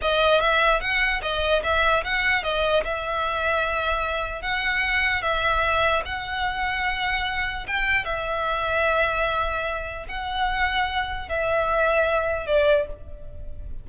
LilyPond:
\new Staff \with { instrumentName = "violin" } { \time 4/4 \tempo 4 = 149 dis''4 e''4 fis''4 dis''4 | e''4 fis''4 dis''4 e''4~ | e''2. fis''4~ | fis''4 e''2 fis''4~ |
fis''2. g''4 | e''1~ | e''4 fis''2. | e''2. d''4 | }